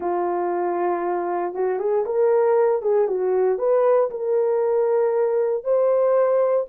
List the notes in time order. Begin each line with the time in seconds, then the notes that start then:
0.00 F4
1.54 F#4
1.79 G#4
2.05 A#4
2.82 G#4
3.07 F#4
3.58 B4
4.10 A#4
5.63 C5